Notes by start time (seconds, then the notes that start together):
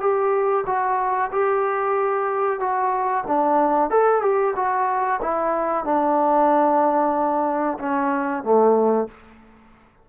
0.00 G4
0.66 F#4
1.32 G4
2.60 F#4
3.28 D4
3.90 A4
4.22 G4
4.56 F#4
5.22 E4
5.85 D4
7.79 C#4
8.43 A3